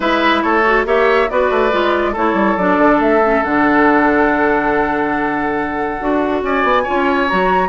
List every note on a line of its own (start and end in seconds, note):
0.00 0.42 G#3
0.00 0.63 E4
0.00 0.43 B4
0.00 0.42 E5
0.42 0.85 A3
0.42 0.86 A4
0.42 0.85 C#5
0.65 0.85 F#4
0.85 1.28 A#3
0.85 1.28 G4
0.85 1.29 C#5
0.85 1.29 E5
1.29 1.50 B3
1.29 1.71 F#4
1.29 2.12 B4
1.29 2.15 D5
1.50 1.71 A3
1.71 2.15 G#3
1.71 2.14 F4
2.12 2.33 A3
2.12 2.58 E4
2.12 6.41 A4
2.12 2.57 C#5
2.33 2.55 G3
2.57 2.78 F#3
2.57 3.22 D4
2.57 3.00 D5
2.78 2.99 D3
2.99 3.42 A3
2.99 3.43 E5
3.22 3.44 C#4
3.43 6.00 D3
3.43 6.00 D4
3.43 6.43 F#5
6.00 6.42 D4
6.00 6.86 F#4
6.42 6.63 C#4
6.42 6.83 D5
6.42 7.29 G#5
6.63 6.84 B3
6.83 7.29 F4
6.83 7.68 C#5
6.89 7.32 C#4
7.29 7.68 F#3
7.29 7.68 F#4
7.29 7.68 A#5